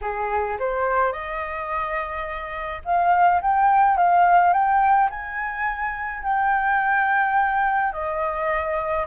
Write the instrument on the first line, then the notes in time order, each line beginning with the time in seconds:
flute
0.01 G#4
0.59 C5
1.12 D#5
2.84 F5
3.41 G5
3.97 F5
4.53 G5
5.09 G#5
6.23 G5
7.92 D#5